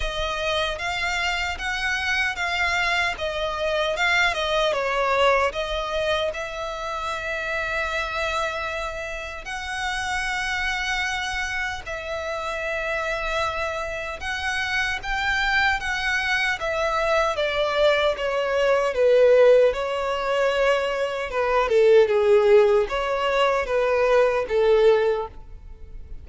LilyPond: \new Staff \with { instrumentName = "violin" } { \time 4/4 \tempo 4 = 76 dis''4 f''4 fis''4 f''4 | dis''4 f''8 dis''8 cis''4 dis''4 | e''1 | fis''2. e''4~ |
e''2 fis''4 g''4 | fis''4 e''4 d''4 cis''4 | b'4 cis''2 b'8 a'8 | gis'4 cis''4 b'4 a'4 | }